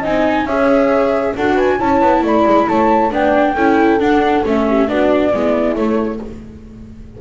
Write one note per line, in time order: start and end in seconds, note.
0.00 0.45 C4
0.00 0.48 D#4
0.00 0.44 D#5
0.00 0.47 G#5
0.45 1.33 C#4
0.45 1.36 G#4
0.45 1.34 C#5
0.45 1.35 E5
1.36 1.81 D4
1.36 1.79 F#4
1.36 1.55 A4
1.36 1.58 F#5
1.55 1.77 B4
1.55 1.80 G#5
1.79 2.01 C#4
1.79 3.11 E4
1.79 2.23 C#5
1.79 2.24 A5
2.01 2.23 B3
2.23 2.45 A3
2.23 2.69 D5
2.23 2.68 B5
2.46 2.68 G#3
2.68 3.12 A3
2.68 3.13 C#5
2.68 3.12 A5
3.11 3.55 B3
3.11 3.55 D4
3.11 3.54 D5
3.11 4.01 G5
3.54 3.99 C#4
3.54 4.00 E4
3.54 4.65 A4
4.00 4.44 D4
4.00 4.45 F#5
4.45 4.89 A3
4.45 4.88 C#4
4.45 4.89 E5
4.68 4.90 G4
4.88 5.33 B3
4.88 5.32 D4
4.88 5.33 F#4
4.88 5.76 D5
5.33 5.76 G#3
5.33 5.76 B3
5.33 6.22 E4
5.76 6.20 A3
5.76 6.20 C#5